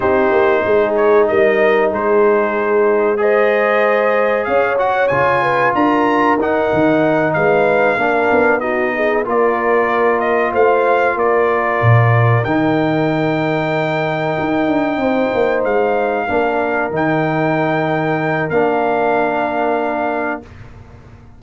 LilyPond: <<
  \new Staff \with { instrumentName = "trumpet" } { \time 4/4 \tempo 4 = 94 c''4. cis''8 dis''4 c''4~ | c''4 dis''2 f''8 fis''8 | gis''4 ais''4 fis''4. f''8~ | f''4. dis''4 d''4. |
dis''8 f''4 d''2 g''8~ | g''1~ | g''8 f''2 g''4.~ | g''4 f''2. | }
  \new Staff \with { instrumentName = "horn" } { \time 4/4 g'4 gis'4 ais'4 gis'4~ | gis'4 c''2 cis''4~ | cis''8 b'8 ais'2~ ais'8 b'8~ | b'8 ais'4 fis'8 gis'8 ais'4.~ |
ais'8 c''4 ais'2~ ais'8~ | ais'2.~ ais'8 c''8~ | c''4. ais'2~ ais'8~ | ais'1 | }
  \new Staff \with { instrumentName = "trombone" } { \time 4/4 dis'1~ | dis'4 gis'2~ gis'8 fis'8 | f'2 dis'2~ | dis'8 d'4 dis'4 f'4.~ |
f'2.~ f'8 dis'8~ | dis'1~ | dis'4. d'4 dis'4.~ | dis'4 d'2. | }
  \new Staff \with { instrumentName = "tuba" } { \time 4/4 c'8 ais8 gis4 g4 gis4~ | gis2. cis'4 | cis4 d'4 dis'8 dis4 gis8~ | gis8 ais8 b4. ais4.~ |
ais8 a4 ais4 ais,4 dis8~ | dis2~ dis8 dis'8 d'8 c'8 | ais8 gis4 ais4 dis4.~ | dis4 ais2. | }
>>